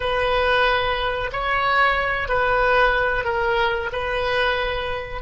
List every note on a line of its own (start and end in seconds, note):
0.00 1.30 B4
1.32 2.28 C#5
2.28 3.24 B4
3.24 3.90 A#4
3.92 5.21 B4